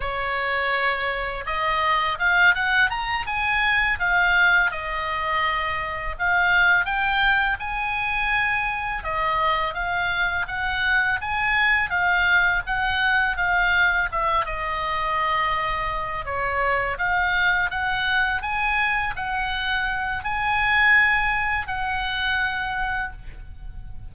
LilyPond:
\new Staff \with { instrumentName = "oboe" } { \time 4/4 \tempo 4 = 83 cis''2 dis''4 f''8 fis''8 | ais''8 gis''4 f''4 dis''4.~ | dis''8 f''4 g''4 gis''4.~ | gis''8 dis''4 f''4 fis''4 gis''8~ |
gis''8 f''4 fis''4 f''4 e''8 | dis''2~ dis''8 cis''4 f''8~ | f''8 fis''4 gis''4 fis''4. | gis''2 fis''2 | }